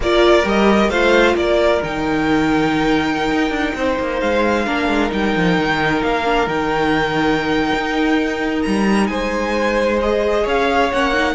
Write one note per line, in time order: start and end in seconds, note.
0.00 0.43 A#3
0.00 0.43 F4
0.00 0.89 A#4
0.00 0.47 D5
0.43 0.89 G3
0.43 0.88 G4
0.43 0.90 D#5
0.89 1.34 A3
0.89 1.82 F4
0.89 1.35 C5
0.89 1.35 F5
1.34 1.80 A#3
1.34 3.77 A#4
1.34 1.82 D5
1.82 3.31 D#3
1.82 4.66 D#4
1.82 4.19 G5
3.31 3.50 D#4
3.50 3.72 D4
3.75 3.97 C4
3.75 4.65 C5
3.99 4.21 A#3
4.19 4.66 G#3
4.19 5.10 F5
4.65 4.88 A#3
4.65 5.09 D4
4.65 9.09 A#4
4.88 5.11 G#3
5.09 5.35 G3
5.09 6.22 D#4
5.09 6.02 G5
5.36 5.57 F3
5.57 6.02 D#3
6.02 6.46 A#3
6.02 6.48 F5
6.24 6.47 D4
6.46 7.71 D#3
6.46 9.99 D#4
6.46 8.62 G5
7.73 8.64 D#4
8.62 9.09 G3
8.62 9.06 A#5
9.06 10.45 G#3
9.06 10.43 C5
9.06 9.97 G#5
10.01 10.92 G#4
10.01 10.46 D#5
10.43 10.91 C#4
10.43 11.34 C#5
10.43 10.92 F5
10.92 11.35 A#3
10.92 11.13 C#4
10.92 11.35 F#5
11.13 11.35 D#4